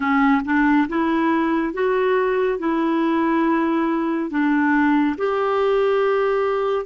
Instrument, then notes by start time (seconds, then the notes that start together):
clarinet
0.00 C#4
0.44 D4
0.88 E4
1.73 F#4
2.58 E4
4.30 D4
5.17 G4